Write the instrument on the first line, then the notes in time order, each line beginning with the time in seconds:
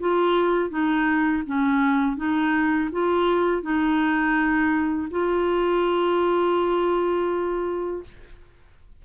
clarinet
0.00 F4
0.70 D#4
1.47 C#4
2.17 D#4
2.92 F4
3.63 D#4
5.11 F4